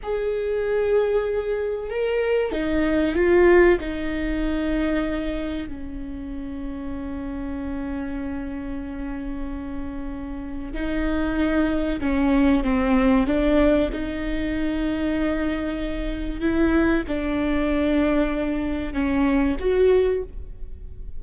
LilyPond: \new Staff \with { instrumentName = "viola" } { \time 4/4 \tempo 4 = 95 gis'2. ais'4 | dis'4 f'4 dis'2~ | dis'4 cis'2.~ | cis'1~ |
cis'4 dis'2 cis'4 | c'4 d'4 dis'2~ | dis'2 e'4 d'4~ | d'2 cis'4 fis'4 | }